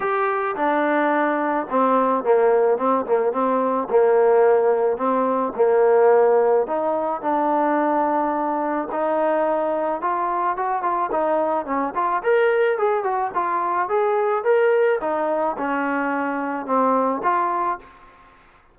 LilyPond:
\new Staff \with { instrumentName = "trombone" } { \time 4/4 \tempo 4 = 108 g'4 d'2 c'4 | ais4 c'8 ais8 c'4 ais4~ | ais4 c'4 ais2 | dis'4 d'2. |
dis'2 f'4 fis'8 f'8 | dis'4 cis'8 f'8 ais'4 gis'8 fis'8 | f'4 gis'4 ais'4 dis'4 | cis'2 c'4 f'4 | }